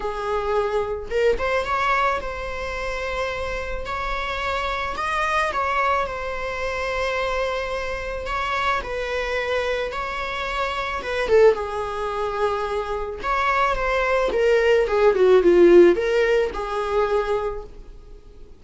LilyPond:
\new Staff \with { instrumentName = "viola" } { \time 4/4 \tempo 4 = 109 gis'2 ais'8 c''8 cis''4 | c''2. cis''4~ | cis''4 dis''4 cis''4 c''4~ | c''2. cis''4 |
b'2 cis''2 | b'8 a'8 gis'2. | cis''4 c''4 ais'4 gis'8 fis'8 | f'4 ais'4 gis'2 | }